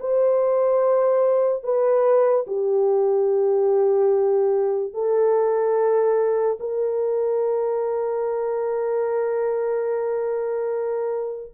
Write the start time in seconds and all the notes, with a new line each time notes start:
0.00 C5
1.63 B4
2.47 G4
4.94 A4
6.60 A#4